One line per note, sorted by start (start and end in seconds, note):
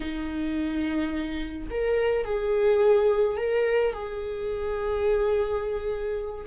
0.00 1.68 D#4
1.70 2.25 A#4
2.25 3.37 G#4
3.37 3.93 A#4
3.93 6.45 G#4